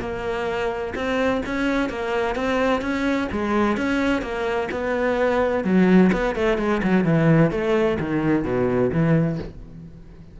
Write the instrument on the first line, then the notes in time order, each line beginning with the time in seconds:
cello
0.00 A#3
0.95 C4
1.46 C#4
1.89 A#3
2.35 C4
2.81 C#4
3.32 G#3
3.77 C#4
4.21 A#3
4.71 B3
5.64 F#3
6.12 B3
6.35 A3
6.58 G#3
6.83 F#3
7.04 E3
7.51 A3
8.00 D#3
8.44 B2
8.91 E3